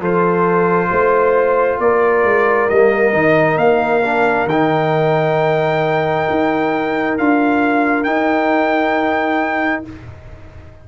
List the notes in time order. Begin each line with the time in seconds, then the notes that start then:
0.00 F3 F4 A4 C5
0.90 A3 C5
1.79 A#3 A#4 D5
2.24 G#3
2.69 G3 A#3 D#5
3.13 D#3 D#4
3.57 A#3 F5
4.03 D4
4.46 D#3 G5
4.52 D#4
6.30 D#4
7.18 D4 F4 F5
8.04 D#4 G5